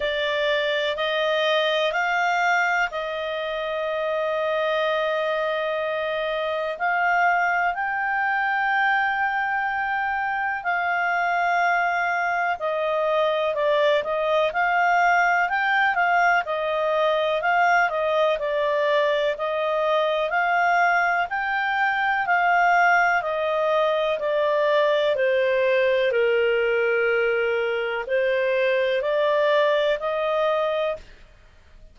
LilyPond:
\new Staff \with { instrumentName = "clarinet" } { \time 4/4 \tempo 4 = 62 d''4 dis''4 f''4 dis''4~ | dis''2. f''4 | g''2. f''4~ | f''4 dis''4 d''8 dis''8 f''4 |
g''8 f''8 dis''4 f''8 dis''8 d''4 | dis''4 f''4 g''4 f''4 | dis''4 d''4 c''4 ais'4~ | ais'4 c''4 d''4 dis''4 | }